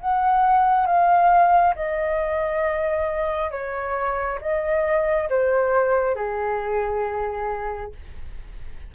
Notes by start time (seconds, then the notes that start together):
0.00 F#5
0.86 F5
1.75 D#5
3.51 C#5
4.41 D#5
5.29 C5
6.16 G#4